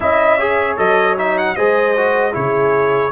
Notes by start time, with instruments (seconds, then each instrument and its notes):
0.00 tuba C#4, trombone E4, horn D#5, trumpet E5
0.37 trombone G#4, horn C#5
0.77 tuba F#3, trombone A4, trumpet D#5
1.17 trombone D#4, trumpet E5
1.38 trumpet F#5
1.55 tuba G#3, trombone G#4, horn C5, trumpet D#5
1.96 trombone F#4
2.32 tuba C#3, trombone E4, horn G#4, trumpet C#5